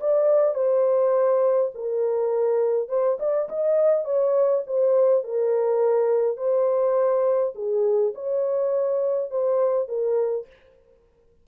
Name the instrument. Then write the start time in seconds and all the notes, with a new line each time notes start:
horn
0.00 D5
0.55 C5
1.74 A#4
2.88 C5
3.19 D5
3.48 D#5
4.05 C#5
4.67 C5
5.23 A#4
6.37 C5
7.55 G#4
8.14 C#5
9.30 C5
9.88 A#4